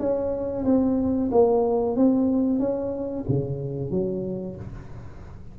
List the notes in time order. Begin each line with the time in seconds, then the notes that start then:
0.00 C#4
0.66 C4
1.32 A#3
1.97 C4
2.60 C#4
3.29 C#3
3.91 F#3